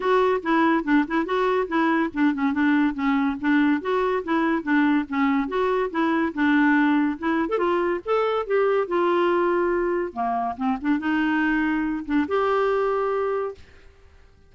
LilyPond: \new Staff \with { instrumentName = "clarinet" } { \time 4/4 \tempo 4 = 142 fis'4 e'4 d'8 e'8 fis'4 | e'4 d'8 cis'8 d'4 cis'4 | d'4 fis'4 e'4 d'4 | cis'4 fis'4 e'4 d'4~ |
d'4 e'8. a'16 f'4 a'4 | g'4 f'2. | ais4 c'8 d'8 dis'2~ | dis'8 d'8 g'2. | }